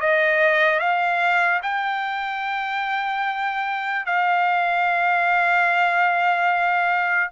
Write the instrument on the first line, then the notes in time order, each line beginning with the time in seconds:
trumpet
0.00 D#5
0.79 F5
1.63 G5
4.05 F5